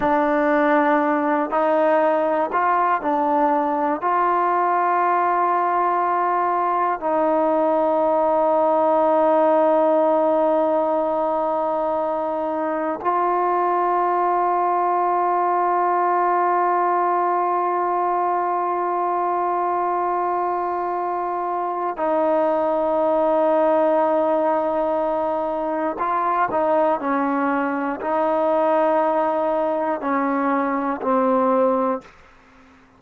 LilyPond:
\new Staff \with { instrumentName = "trombone" } { \time 4/4 \tempo 4 = 60 d'4. dis'4 f'8 d'4 | f'2. dis'4~ | dis'1~ | dis'4 f'2.~ |
f'1~ | f'2 dis'2~ | dis'2 f'8 dis'8 cis'4 | dis'2 cis'4 c'4 | }